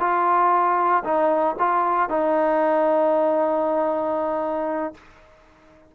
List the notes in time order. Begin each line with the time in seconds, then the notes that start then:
0.00 F4
1.04 D#4
1.59 F4
2.10 D#4